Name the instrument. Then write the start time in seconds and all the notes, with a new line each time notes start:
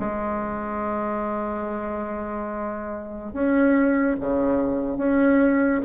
bassoon
0.00 G#3
3.33 C#4
4.20 C#3
4.98 C#4